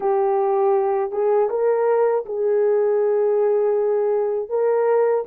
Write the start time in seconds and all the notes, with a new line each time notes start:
0.00 G4
1.11 G#4
1.49 A#4
2.25 G#4
4.49 A#4